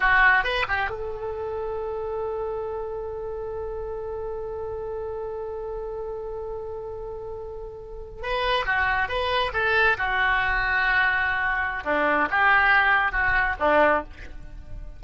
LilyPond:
\new Staff \with { instrumentName = "oboe" } { \time 4/4 \tempo 4 = 137 fis'4 b'8 g'8 a'2~ | a'1~ | a'1~ | a'1~ |
a'2~ a'8. b'4 fis'16~ | fis'8. b'4 a'4 fis'4~ fis'16~ | fis'2. d'4 | g'2 fis'4 d'4 | }